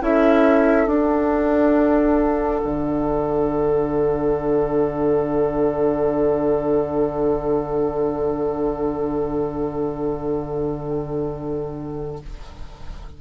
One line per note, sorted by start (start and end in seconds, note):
0.00 0.86 C#4
0.00 0.86 E4
0.00 12.19 A4
0.00 0.88 E5
0.86 2.60 D4
0.86 12.17 D4
0.86 12.19 F#5
2.64 12.20 D3